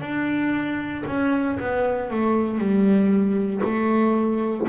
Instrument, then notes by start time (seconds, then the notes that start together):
double bass
0.00 D4
1.06 C#4
1.59 B3
2.10 A3
2.58 G3
3.64 A3